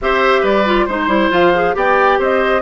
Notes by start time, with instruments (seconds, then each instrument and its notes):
0.01 bassoon C4, clarinet G4, oboe C5, flute E5
0.41 bassoon G3, oboe B4, flute D5
0.65 clarinet F4
0.85 bassoon G#3, clarinet D#4, flute C5, oboe C5
1.07 bassoon G3, clarinet E4
1.30 bassoon F3, clarinet F4, flute F5
1.54 clarinet G#4
1.74 bassoon B3, clarinet G4, oboe D5, flute G5
2.18 bassoon C4, oboe C5, flute D#5